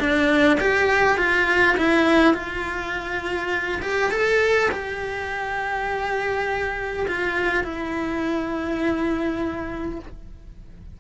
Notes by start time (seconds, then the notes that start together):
0.00 D4
0.60 G4
1.18 F4
1.77 E4
2.34 F4
3.82 G4
4.11 A4
4.72 G4
7.08 F4
7.64 E4